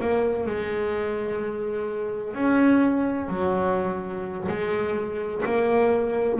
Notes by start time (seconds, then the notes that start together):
0.00 A#3
0.46 G#3
2.34 C#4
3.29 F#3
4.48 G#3
5.45 A#3